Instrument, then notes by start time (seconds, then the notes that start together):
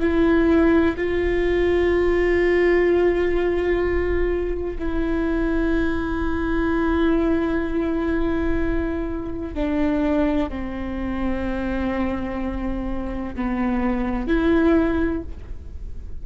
viola
0.00 E4
0.97 F4
4.79 E4
9.55 D4
10.49 C4
13.35 B3
14.28 E4